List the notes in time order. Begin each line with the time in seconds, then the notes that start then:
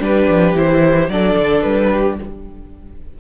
0.00 G3 D4 G4 B4
0.28 F3
0.54 E3 E4 C5
1.09 F#3 D4 A4 D5
1.37 D3
1.62 G3 B4
1.91 G4